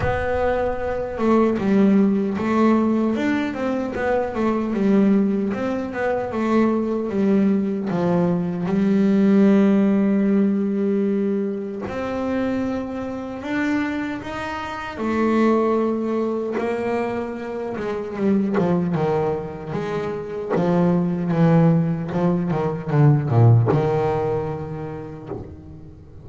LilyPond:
\new Staff \with { instrumentName = "double bass" } { \time 4/4 \tempo 4 = 76 b4. a8 g4 a4 | d'8 c'8 b8 a8 g4 c'8 b8 | a4 g4 f4 g4~ | g2. c'4~ |
c'4 d'4 dis'4 a4~ | a4 ais4. gis8 g8 f8 | dis4 gis4 f4 e4 | f8 dis8 d8 ais,8 dis2 | }